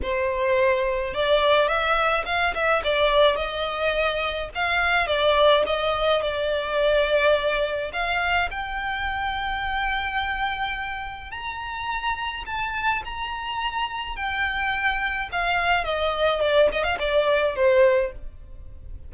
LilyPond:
\new Staff \with { instrumentName = "violin" } { \time 4/4 \tempo 4 = 106 c''2 d''4 e''4 | f''8 e''8 d''4 dis''2 | f''4 d''4 dis''4 d''4~ | d''2 f''4 g''4~ |
g''1 | ais''2 a''4 ais''4~ | ais''4 g''2 f''4 | dis''4 d''8 dis''16 f''16 d''4 c''4 | }